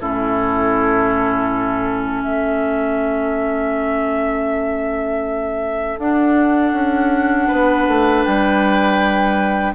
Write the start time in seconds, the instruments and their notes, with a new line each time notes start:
0.00 bassoon A2, clarinet C#4, oboe E4, flute A4
2.23 bassoon A3, oboe A4, flute E5
5.97 bassoon D4, clarinet D4, flute F#5
6.72 bassoon C#4
7.47 bassoon B3, oboe B4
7.87 bassoon A3
8.24 bassoon G3, flute G5